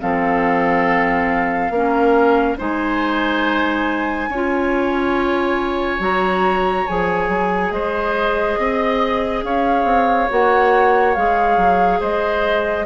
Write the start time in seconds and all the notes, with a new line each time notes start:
0.00 F3 C4 A4 F5
1.70 A#3 C#4 A#4
2.58 G#3 D#4 C5 G#5
4.29 C#4 F4 C#5
6.00 F#3 F#4 A#5
6.87 F3 G#4 G#5
7.29 F#3
7.71 G#3 C5 D#5
8.58 C4 D#5
9.43 C#4 C#5 F5
9.84 C4
10.30 A#3 F#4 F#5
11.15 G#3 G#4 F5
11.57 F#3
12.00 G#3 C5 D#5